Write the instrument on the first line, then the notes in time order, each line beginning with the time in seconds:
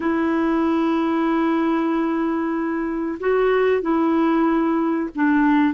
clarinet
0.00 E4
3.19 F#4
3.82 E4
5.15 D4